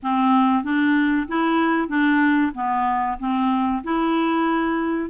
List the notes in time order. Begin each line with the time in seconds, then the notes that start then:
0.03 C4
0.63 D4
1.28 E4
1.88 D4
2.54 B3
3.19 C4
3.83 E4